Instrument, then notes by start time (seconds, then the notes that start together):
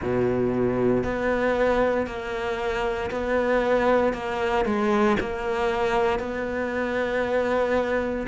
cello
0.01 B2
1.03 B3
2.06 A#3
3.10 B3
4.13 A#3
4.65 G#3
5.20 A#3
6.19 B3